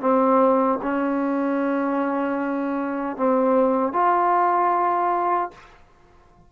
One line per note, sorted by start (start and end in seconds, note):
0.00 0.79 C4
0.82 3.17 C#4
3.17 3.92 C4
3.92 5.50 F4